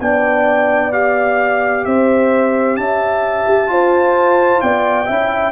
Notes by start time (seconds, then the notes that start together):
0.00 B3 D4 D5 G5
0.92 G4 F5
1.84 C4 C5 E5
2.76 C#4 E5 A5
3.47 G4
3.67 F4 C5
4.61 B3 D5 G5
5.06 C#4 E4 E5